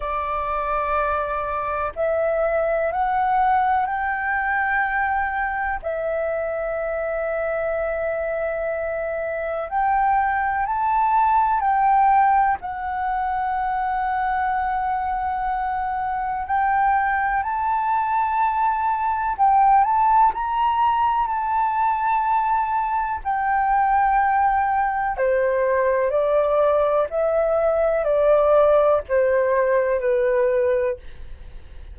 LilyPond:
\new Staff \with { instrumentName = "flute" } { \time 4/4 \tempo 4 = 62 d''2 e''4 fis''4 | g''2 e''2~ | e''2 g''4 a''4 | g''4 fis''2.~ |
fis''4 g''4 a''2 | g''8 a''8 ais''4 a''2 | g''2 c''4 d''4 | e''4 d''4 c''4 b'4 | }